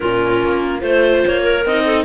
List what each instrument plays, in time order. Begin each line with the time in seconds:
0.00 cello A#2, viola C#4, clarinet F4 A#4
0.44 cello A#3
0.80 cello A3, viola F4, clarinet C5
1.26 cello A#3, clarinet C#5
1.42 clarinet A#4
1.65 cello C4, viola D#4, clarinet D#5
1.84 clarinet A4